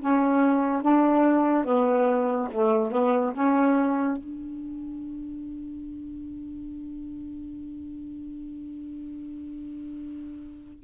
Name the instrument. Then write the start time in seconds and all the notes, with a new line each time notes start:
saxophone
0.00 C#4
0.81 D4
1.64 B3
2.51 A3
2.91 B3
3.33 C#4
4.17 D4